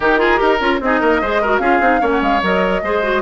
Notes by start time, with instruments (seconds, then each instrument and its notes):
0.00 bassoon D#3, clarinet D#4, oboe G4, flute A#4
0.17 clarinet F4, oboe G#4
0.37 bassoon D#4, clarinet G4, oboe A#4
0.59 bassoon C#4, clarinet F4
0.80 bassoon C4, clarinet D#4, oboe G#4, flute D#5
1.00 bassoon A#3, oboe A#4
1.21 bassoon G#3, clarinet G#4, oboe C5
1.41 clarinet F#4, oboe A#4
1.57 bassoon C#4, clarinet F4, oboe G#4, flute F5
1.79 bassoon C4, clarinet D#4
2.00 bassoon A#3, clarinet C#4, oboe C#5
2.11 flute F#5
2.21 bassoon G#3, flute F5
2.42 bassoon F#3, clarinet A#4, flute D#5
2.82 bassoon G#3, clarinet G#4, oboe C5
3.03 clarinet F#4